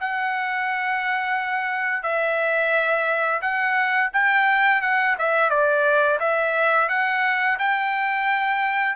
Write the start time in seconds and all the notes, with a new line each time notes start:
0.00 F#5
2.03 E5
3.41 F#5
4.13 G5
4.82 F#5
5.18 E5
5.50 D5
6.19 E5
6.89 F#5
7.59 G5